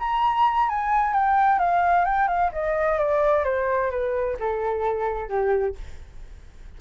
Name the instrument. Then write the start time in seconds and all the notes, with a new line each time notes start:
flute
0.00 A#5
0.70 G#5
1.14 G5
1.60 F5
2.05 G5
2.28 F5
2.53 D#5
2.99 D5
3.45 C5
3.91 B4
4.40 A4
5.29 G4